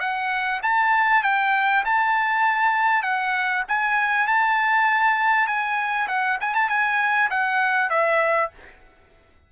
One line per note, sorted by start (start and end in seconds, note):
0.00 0.61 F#5
0.63 1.24 A5
1.24 1.84 G5
1.85 3.03 A5
3.03 3.64 F#5
3.69 4.28 G#5
4.28 5.47 A5
5.47 6.08 G#5
6.09 6.39 F#5
6.41 6.55 G#5
6.55 6.69 A5
6.69 7.30 G#5
7.31 7.90 F#5
7.90 8.51 E5